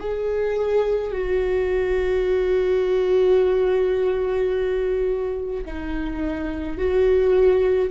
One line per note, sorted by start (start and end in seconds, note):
0.00 1.12 G#4
1.12 5.65 F#4
5.66 6.78 D#4
6.78 7.91 F#4